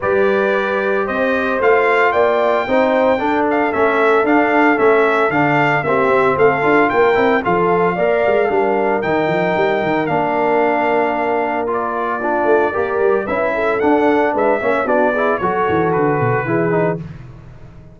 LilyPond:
<<
  \new Staff \with { instrumentName = "trumpet" } { \time 4/4 \tempo 4 = 113 d''2 dis''4 f''4 | g''2~ g''8 f''8 e''4 | f''4 e''4 f''4 e''4 | f''4 g''4 f''2~ |
f''4 g''2 f''4~ | f''2 d''2~ | d''4 e''4 fis''4 e''4 | d''4 cis''4 b'2 | }
  \new Staff \with { instrumentName = "horn" } { \time 4/4 b'2 c''2 | d''4 c''4 a'2~ | a'2. g'4 | a'4 ais'4 a'4 d''4 |
ais'1~ | ais'2. f'4 | ais'4 b'8 a'4. b'8 cis''8 | fis'8 gis'8 a'2 gis'4 | }
  \new Staff \with { instrumentName = "trombone" } { \time 4/4 g'2. f'4~ | f'4 dis'4 d'4 cis'4 | d'4 cis'4 d'4 c'4~ | c'8 f'4 e'8 f'4 ais'4 |
d'4 dis'2 d'4~ | d'2 f'4 d'4 | g'4 e'4 d'4. cis'8 | d'8 e'8 fis'2 e'8 dis'8 | }
  \new Staff \with { instrumentName = "tuba" } { \time 4/4 g2 c'4 a4 | ais4 c'4 d'4 a4 | d'4 a4 d4 ais8 c'8 | a8 d'8 ais8 c'8 f4 ais8 gis8 |
g4 dis8 f8 g8 dis8 ais4~ | ais2.~ ais8 a8 | ais8 g8 cis'4 d'4 gis8 ais8 | b4 fis8 e8 d8 b,8 e4 | }
>>